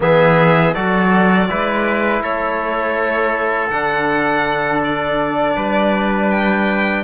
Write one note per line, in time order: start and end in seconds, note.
0.00 0.74 E3
0.00 0.74 B3
0.00 0.74 G#4
0.00 0.73 E5
0.73 1.50 F#3
0.73 1.49 F#4
0.73 1.48 A4
0.73 2.22 D5
1.49 2.21 G#3
1.49 3.71 E4
1.49 2.22 B4
2.21 3.69 A3
2.21 5.55 A4
2.21 3.69 C#5
3.69 5.56 D3
3.69 7.04 D4
3.69 4.80 F#5
4.83 6.30 D5
5.56 7.04 G3
5.56 7.04 B4
6.30 7.04 G5